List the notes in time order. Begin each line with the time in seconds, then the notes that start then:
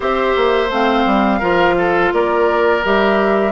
0.00 C4 G4 C5 E5
0.36 A#3
0.70 A3 C4 F5
1.05 G3
1.39 F3 F4 A#4
1.77 A4
2.12 A#3 A#4 D5
2.84 G3 G4 E5